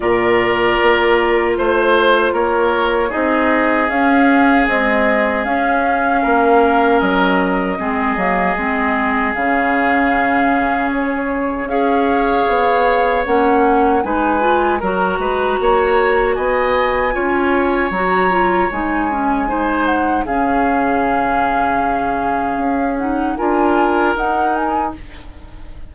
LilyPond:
<<
  \new Staff \with { instrumentName = "flute" } { \time 4/4 \tempo 4 = 77 d''2 c''4 cis''4 | dis''4 f''4 dis''4 f''4~ | f''4 dis''2. | f''2 cis''4 f''4~ |
f''4 fis''4 gis''4 ais''4~ | ais''4 gis''2 ais''4 | gis''4. fis''8 f''2~ | f''4. fis''8 gis''4 fis''8 gis''8 | }
  \new Staff \with { instrumentName = "oboe" } { \time 4/4 ais'2 c''4 ais'4 | gis'1 | ais'2 gis'2~ | gis'2. cis''4~ |
cis''2 b'4 ais'8 b'8 | cis''4 dis''4 cis''2~ | cis''4 c''4 gis'2~ | gis'2 ais'2 | }
  \new Staff \with { instrumentName = "clarinet" } { \time 4/4 f'1 | dis'4 cis'4 gis4 cis'4~ | cis'2 c'8 ais8 c'4 | cis'2. gis'4~ |
gis'4 cis'4 dis'8 f'8 fis'4~ | fis'2 f'4 fis'8 f'8 | dis'8 cis'8 dis'4 cis'2~ | cis'4. dis'8 f'4 dis'4 | }
  \new Staff \with { instrumentName = "bassoon" } { \time 4/4 ais,4 ais4 a4 ais4 | c'4 cis'4 c'4 cis'4 | ais4 fis4 gis8 fis8 gis4 | cis2. cis'4 |
b4 ais4 gis4 fis8 gis8 | ais4 b4 cis'4 fis4 | gis2 cis2~ | cis4 cis'4 d'4 dis'4 | }
>>